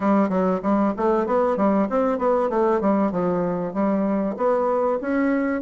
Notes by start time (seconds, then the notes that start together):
0.00 G3
0.29 F#3
0.62 G3
0.96 A3
1.26 B3
1.56 G3
1.89 C4
2.18 B3
2.49 A3
2.81 G3
3.11 F3
3.73 G3
4.36 B3
5.01 C#4